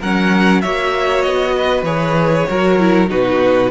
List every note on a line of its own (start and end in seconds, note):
0.00 0.64 F#3
0.00 0.63 C#4
0.00 0.62 A#4
0.00 0.61 F#5
0.61 1.26 A#3
0.61 1.86 F#4
0.61 1.55 C#5
0.61 1.22 E5
1.22 1.82 B3
1.22 1.83 D#5
1.55 2.48 B4
1.82 2.44 E3
1.82 2.47 G#4
1.82 3.08 C#5
2.49 3.10 F#3
2.49 2.79 F#4
2.49 3.10 A#4
2.79 3.07 E4
3.07 3.71 B2
3.07 3.69 D#4
3.07 3.71 F#4
3.07 3.71 B4